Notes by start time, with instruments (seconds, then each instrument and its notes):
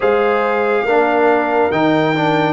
0.00 tuba G#3, trombone G#4, horn C5, trumpet F5
0.84 tuba A#3, trombone D4, horn A#4
1.71 tuba D#3, trombone D#4, trumpet G5
2.15 trombone D4